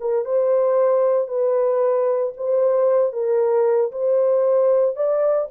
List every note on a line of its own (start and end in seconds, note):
0.00 0.25 A#4
0.25 1.28 C5
1.28 2.33 B4
2.37 3.12 C5
3.12 3.91 A#4
3.91 4.95 C5
4.95 5.48 D5